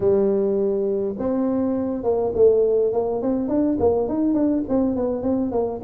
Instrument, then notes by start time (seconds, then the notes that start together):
tuba
0.00 G3
1.18 C4
2.03 A#3
2.35 A3
2.92 A#3
3.22 C4
3.48 D4
3.79 A#3
4.08 D#4
4.34 D4
4.69 C4
4.95 B3
5.22 C4
5.51 A#3